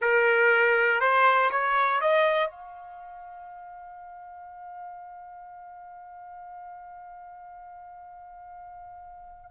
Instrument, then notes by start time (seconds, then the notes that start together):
trumpet
0.01 A#4
1.00 C5
1.50 C#5
2.00 D#5
2.50 F5